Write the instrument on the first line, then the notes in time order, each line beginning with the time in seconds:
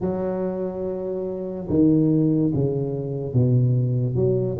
tuba
0.00 F#3
1.69 D#3
2.54 C#3
3.34 B2
4.15 F#3